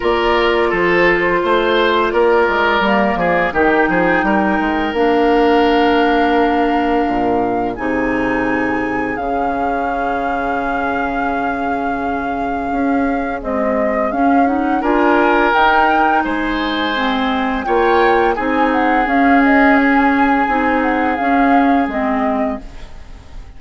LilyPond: <<
  \new Staff \with { instrumentName = "flute" } { \time 4/4 \tempo 4 = 85 d''4 c''2 d''4~ | d''4 g''2 f''4~ | f''2. gis''4~ | gis''4 f''2.~ |
f''2. dis''4 | f''8 fis''8 gis''4 g''4 gis''4~ | gis''4 g''4 gis''8 fis''8 f''8 dis''8 | gis''4. fis''8 f''4 dis''4 | }
  \new Staff \with { instrumentName = "oboe" } { \time 4/4 ais'4 a'4 c''4 ais'4~ | ais'8 gis'8 g'8 gis'8 ais'2~ | ais'2. gis'4~ | gis'1~ |
gis'1~ | gis'4 ais'2 c''4~ | c''4 cis''4 gis'2~ | gis'1 | }
  \new Staff \with { instrumentName = "clarinet" } { \time 4/4 f'1 | ais4 dis'2 d'4~ | d'2. dis'4~ | dis'4 cis'2.~ |
cis'2. gis4 | cis'8 dis'8 f'4 dis'2 | c'4 f'4 dis'4 cis'4~ | cis'4 dis'4 cis'4 c'4 | }
  \new Staff \with { instrumentName = "bassoon" } { \time 4/4 ais4 f4 a4 ais8 gis8 | g8 f8 dis8 f8 g8 gis8 ais4~ | ais2 ais,4 c4~ | c4 cis2.~ |
cis2 cis'4 c'4 | cis'4 d'4 dis'4 gis4~ | gis4 ais4 c'4 cis'4~ | cis'4 c'4 cis'4 gis4 | }
>>